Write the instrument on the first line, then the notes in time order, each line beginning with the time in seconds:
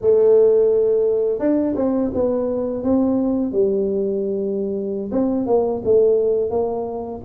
tuba
0.01 A3
1.39 D4
1.76 C4
2.14 B3
2.83 C4
3.52 G3
5.11 C4
5.46 A#3
5.84 A3
6.50 A#3